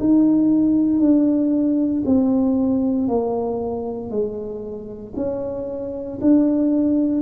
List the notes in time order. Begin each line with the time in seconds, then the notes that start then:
0.00 D#4
1.00 D4
2.05 C4
3.08 A#3
4.11 G#3
5.16 C#4
6.22 D4